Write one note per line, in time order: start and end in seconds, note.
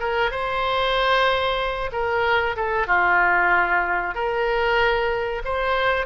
0.00 0.31 A#4
0.31 1.91 C5
1.92 2.56 A#4
2.56 2.87 A4
2.87 4.15 F4
4.15 5.43 A#4
5.45 6.06 C5